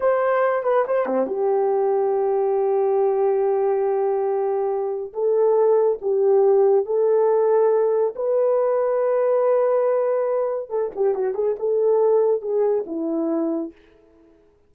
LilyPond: \new Staff \with { instrumentName = "horn" } { \time 4/4 \tempo 4 = 140 c''4. b'8 c''8 c'8 g'4~ | g'1~ | g'1 | a'2 g'2 |
a'2. b'4~ | b'1~ | b'4 a'8 g'8 fis'8 gis'8 a'4~ | a'4 gis'4 e'2 | }